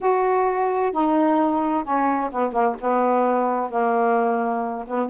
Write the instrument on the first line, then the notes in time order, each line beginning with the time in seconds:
saxophone
0.00 F#4
0.91 D#4
1.84 C#4
2.31 B3
2.52 A#3
2.80 B3
3.69 A#3
4.86 B3